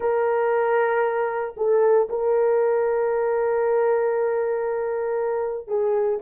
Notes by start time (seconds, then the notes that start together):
0.00 A#4
1.56 A4
2.09 A#4
5.67 G#4